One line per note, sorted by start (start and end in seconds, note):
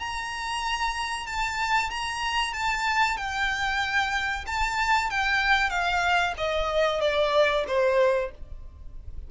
0.00 1.27 A#5
1.27 1.90 A5
1.90 2.54 A#5
2.54 3.18 A5
3.18 4.45 G5
4.47 5.11 A5
5.11 5.70 G5
5.70 6.34 F5
6.38 7.01 D#5
7.01 7.65 D5
7.68 8.32 C5